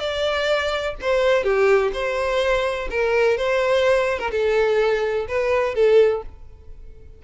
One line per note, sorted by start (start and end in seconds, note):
0.00 0.95 D5
1.02 1.44 C5
1.44 1.92 G4
1.94 2.89 C5
2.91 3.38 A#4
3.38 4.19 C5
4.19 4.31 A#4
4.32 5.27 A4
5.29 5.75 B4
5.75 6.23 A4